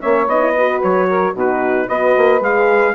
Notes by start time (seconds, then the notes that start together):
0.00 A#3 C#4 C#5 E5
0.27 B3 D#4 D#5
0.41 E4
0.56 F#4 B4
0.83 F#3 C#5
1.10 A#4
1.34 B2 D#4 F#4
1.40 B4
1.88 B3 F#4 B4 D#5
2.17 A#3
2.41 G#3 G#4 F5